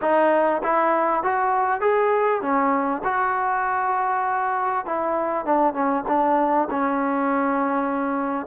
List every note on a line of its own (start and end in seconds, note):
0.01 0.62 D#4
0.63 1.23 E4
1.23 1.80 F#4
1.80 2.41 G#4
2.41 3.02 C#4
3.04 4.85 F#4
4.85 5.45 E4
5.45 5.73 D4
5.73 6.04 C#4
6.08 6.68 D4
6.70 8.46 C#4